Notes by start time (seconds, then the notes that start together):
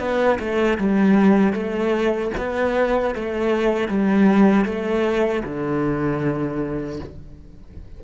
0.00 B3
0.40 A3
0.78 G3
1.53 A3
2.38 B3
3.16 A3
3.89 G3
4.66 A3
5.44 D3